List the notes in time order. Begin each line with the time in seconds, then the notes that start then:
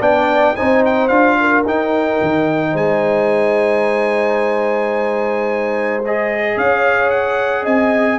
0.00 B3 D4 D5 G5
0.56 C4 D#4 C5 G#5
0.85 G5
1.08 D4 F4 F5
1.40 A#4
1.65 D#4 G5
2.21 D#3
2.71 G#3 C5 G#5
6.05 G#4 D#5
6.56 C#4 C#5 F5
7.10 F#5
7.62 C4 D#5 G#5